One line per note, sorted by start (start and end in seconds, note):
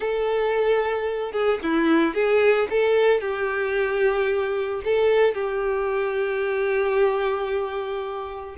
0.00 1.32 A4
1.32 1.59 G#4
1.62 2.14 E4
2.14 2.68 G#4
2.69 3.20 A4
3.20 4.81 G4
4.84 5.34 A4
5.34 8.56 G4